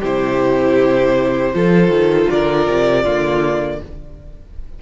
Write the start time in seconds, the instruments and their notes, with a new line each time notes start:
0.00 cello C3, viola E4, violin G4 C5
1.53 cello F3, viola F4, violin A4
1.89 cello D#3
2.30 cello D3, violin A#4 D5
2.67 cello C3
3.03 cello D3, viola A#3, violin F4